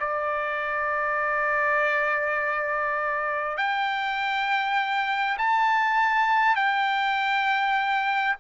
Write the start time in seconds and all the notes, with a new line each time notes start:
0.00 D5
3.57 G5
5.38 A5
6.55 G5